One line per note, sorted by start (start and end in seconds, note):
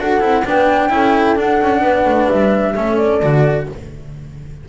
0.00 0.22 D4
0.00 0.21 F#4
0.00 0.46 A4
0.00 0.47 F#5
0.21 0.45 C4
0.21 0.44 E4
0.45 0.91 B3
0.45 0.90 D4
0.45 0.93 B4
0.45 1.38 G5
0.90 1.37 C#4
0.90 1.36 E4
0.90 1.82 A4
1.36 2.75 D4
1.36 1.60 D4
1.36 2.29 F#5
1.62 1.81 C#4
1.81 2.04 B3
1.81 2.74 B4
2.05 2.28 A3
2.29 2.77 G3
2.29 2.97 E5
2.75 3.23 A3
2.75 3.21 C#4
2.75 3.68 A4
2.97 3.67 D5
3.22 3.69 D3
3.22 3.69 F#4